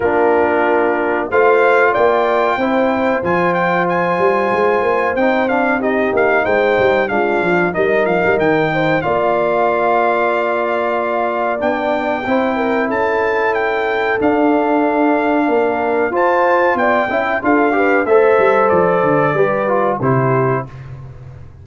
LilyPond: <<
  \new Staff \with { instrumentName = "trumpet" } { \time 4/4 \tempo 4 = 93 ais'2 f''4 g''4~ | g''4 gis''8 g''8 gis''2 | g''8 f''8 dis''8 f''8 g''4 f''4 | dis''8 f''8 g''4 f''2~ |
f''2 g''2 | a''4 g''4 f''2~ | f''4 a''4 g''4 f''4 | e''4 d''2 c''4 | }
  \new Staff \with { instrumentName = "horn" } { \time 4/4 f'2 c''4 d''4 | c''1~ | c''4 g'4 c''4 f'4 | ais'4. c''8 d''2~ |
d''2. c''8 ais'8 | a'1 | ais'4 c''4 d''8 e''8 a'8 b'8 | c''2 b'4 g'4 | }
  \new Staff \with { instrumentName = "trombone" } { \time 4/4 d'2 f'2 | e'4 f'2. | dis'8 d'8 dis'2 d'4 | dis'2 f'2~ |
f'2 d'4 e'4~ | e'2 d'2~ | d'4 f'4. e'8 f'8 g'8 | a'2 g'8 f'8 e'4 | }
  \new Staff \with { instrumentName = "tuba" } { \time 4/4 ais2 a4 ais4 | c'4 f4. g8 gis8 ais8 | c'4. ais8 gis8 g8 gis8 f8 | g8 f16 g16 dis4 ais2~ |
ais2 b4 c'4 | cis'2 d'2 | ais4 f'4 b8 cis'8 d'4 | a8 g8 f8 d8 g4 c4 | }
>>